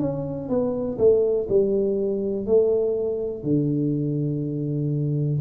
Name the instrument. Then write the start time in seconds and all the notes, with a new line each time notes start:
tuba
0.00 C#4
0.49 B3
0.98 A3
1.49 G3
2.46 A3
3.44 D3